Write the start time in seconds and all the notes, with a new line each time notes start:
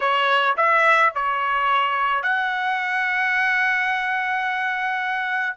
0.00 C#5
0.57 E5
1.14 C#5
2.22 F#5